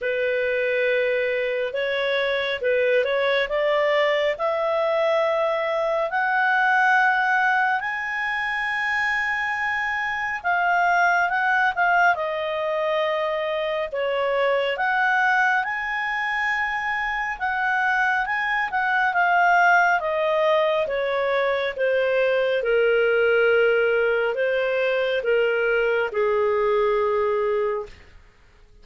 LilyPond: \new Staff \with { instrumentName = "clarinet" } { \time 4/4 \tempo 4 = 69 b'2 cis''4 b'8 cis''8 | d''4 e''2 fis''4~ | fis''4 gis''2. | f''4 fis''8 f''8 dis''2 |
cis''4 fis''4 gis''2 | fis''4 gis''8 fis''8 f''4 dis''4 | cis''4 c''4 ais'2 | c''4 ais'4 gis'2 | }